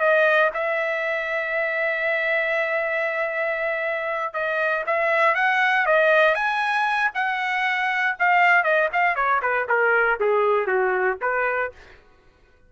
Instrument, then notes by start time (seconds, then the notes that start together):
trumpet
0.00 D#5
0.55 E5
4.34 D#5
4.87 E5
5.36 F#5
5.87 D#5
6.35 G#5
7.15 F#5
8.20 F5
8.64 D#5
8.93 F5
9.16 C#5
9.43 B4
9.69 A#4
10.20 G#4
10.67 F#4
11.22 B4